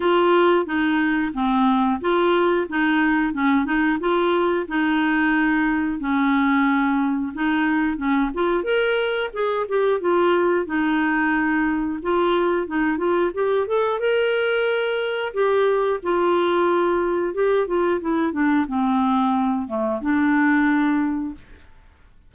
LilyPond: \new Staff \with { instrumentName = "clarinet" } { \time 4/4 \tempo 4 = 90 f'4 dis'4 c'4 f'4 | dis'4 cis'8 dis'8 f'4 dis'4~ | dis'4 cis'2 dis'4 | cis'8 f'8 ais'4 gis'8 g'8 f'4 |
dis'2 f'4 dis'8 f'8 | g'8 a'8 ais'2 g'4 | f'2 g'8 f'8 e'8 d'8 | c'4. a8 d'2 | }